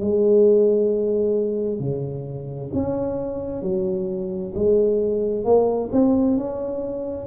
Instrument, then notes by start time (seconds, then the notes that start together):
tuba
0.00 G#3
1.80 C#3
2.74 C#4
3.62 F#3
4.55 G#3
5.45 A#3
5.92 C4
6.37 C#4